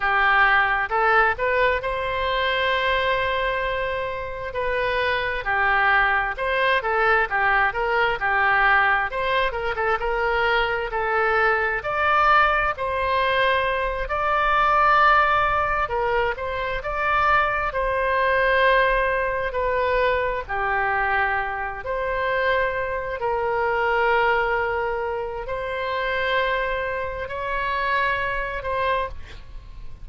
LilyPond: \new Staff \with { instrumentName = "oboe" } { \time 4/4 \tempo 4 = 66 g'4 a'8 b'8 c''2~ | c''4 b'4 g'4 c''8 a'8 | g'8 ais'8 g'4 c''8 ais'16 a'16 ais'4 | a'4 d''4 c''4. d''8~ |
d''4. ais'8 c''8 d''4 c''8~ | c''4. b'4 g'4. | c''4. ais'2~ ais'8 | c''2 cis''4. c''8 | }